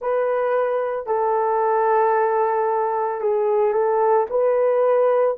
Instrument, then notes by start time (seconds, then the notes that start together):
horn
0.00 B4
1.06 A4
3.20 G#4
3.73 A4
4.30 B4